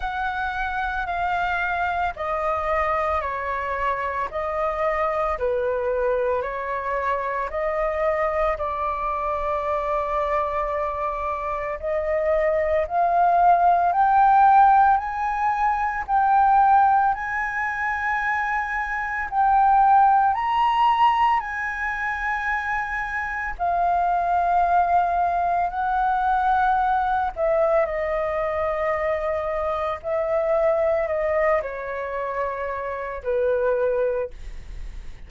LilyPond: \new Staff \with { instrumentName = "flute" } { \time 4/4 \tempo 4 = 56 fis''4 f''4 dis''4 cis''4 | dis''4 b'4 cis''4 dis''4 | d''2. dis''4 | f''4 g''4 gis''4 g''4 |
gis''2 g''4 ais''4 | gis''2 f''2 | fis''4. e''8 dis''2 | e''4 dis''8 cis''4. b'4 | }